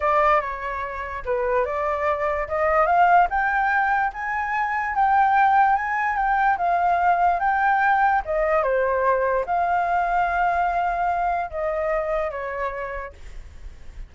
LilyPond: \new Staff \with { instrumentName = "flute" } { \time 4/4 \tempo 4 = 146 d''4 cis''2 b'4 | d''2 dis''4 f''4 | g''2 gis''2 | g''2 gis''4 g''4 |
f''2 g''2 | dis''4 c''2 f''4~ | f''1 | dis''2 cis''2 | }